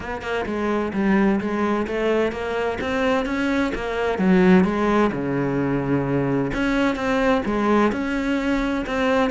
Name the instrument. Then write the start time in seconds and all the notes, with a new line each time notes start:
cello
0.00 B3
0.22 A#3
0.45 G#3
0.93 G3
1.40 G#3
1.87 A3
2.32 A#3
2.81 C4
3.25 C#4
3.74 A#3
4.18 F#3
4.64 G#3
5.12 C#3
6.53 C#4
6.95 C4
7.45 G#3
7.92 C#4
8.86 C4